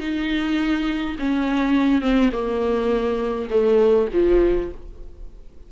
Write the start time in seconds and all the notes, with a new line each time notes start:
0.00 D#4
1.19 C#4
2.01 C4
2.32 A#3
3.50 A3
4.13 F3